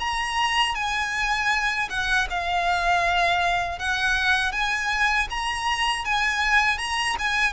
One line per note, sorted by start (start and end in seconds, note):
0.00 0.75 A#5
0.75 1.89 G#5
1.90 2.28 F#5
2.30 3.79 F5
3.79 4.52 F#5
4.52 5.28 G#5
5.30 6.05 A#5
6.05 6.78 G#5
6.78 7.16 A#5
7.19 7.53 G#5